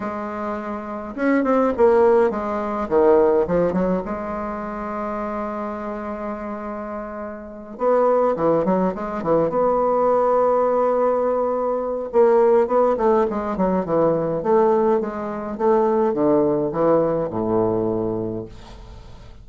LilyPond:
\new Staff \with { instrumentName = "bassoon" } { \time 4/4 \tempo 4 = 104 gis2 cis'8 c'8 ais4 | gis4 dis4 f8 fis8 gis4~ | gis1~ | gis4. b4 e8 fis8 gis8 |
e8 b2.~ b8~ | b4 ais4 b8 a8 gis8 fis8 | e4 a4 gis4 a4 | d4 e4 a,2 | }